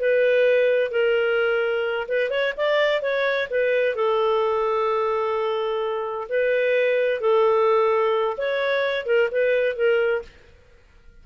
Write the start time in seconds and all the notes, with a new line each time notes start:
0.00 B4
0.91 A#4
2.08 B4
2.30 C#5
2.57 D5
3.02 C#5
3.50 B4
3.95 A4
6.29 B4
7.21 A4
8.38 C#5
9.06 A#4
9.32 B4
9.76 A#4